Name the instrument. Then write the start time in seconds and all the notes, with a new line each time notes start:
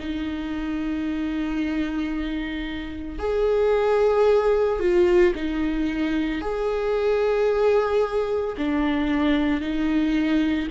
viola
0.00 D#4
3.19 G#4
4.80 F4
5.35 D#4
6.42 G#4
8.58 D4
9.61 D#4